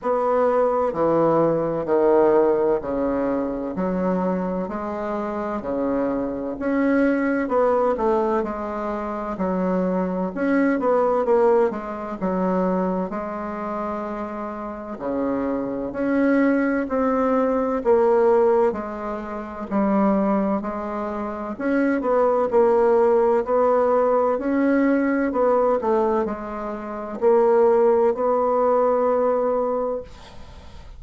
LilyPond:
\new Staff \with { instrumentName = "bassoon" } { \time 4/4 \tempo 4 = 64 b4 e4 dis4 cis4 | fis4 gis4 cis4 cis'4 | b8 a8 gis4 fis4 cis'8 b8 | ais8 gis8 fis4 gis2 |
cis4 cis'4 c'4 ais4 | gis4 g4 gis4 cis'8 b8 | ais4 b4 cis'4 b8 a8 | gis4 ais4 b2 | }